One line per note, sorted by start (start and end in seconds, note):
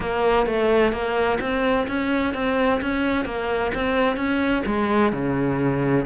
0.00 0.46 A#3
0.46 0.92 A3
0.92 1.38 A#3
1.40 1.87 C4
1.87 2.34 C#4
2.34 2.80 C4
2.81 3.25 C#4
3.25 3.71 A#3
3.74 4.16 C4
4.16 4.63 C#4
4.66 5.12 G#3
5.12 6.05 C#3